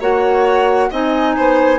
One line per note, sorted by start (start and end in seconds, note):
0.00 0.90 A#3
0.00 0.91 F#4
0.00 0.90 C#5
0.00 0.91 F#5
0.90 1.36 C4
0.90 1.79 D#4
0.90 1.35 D#5
0.90 1.79 G#5
1.36 1.79 B3
1.36 1.79 C5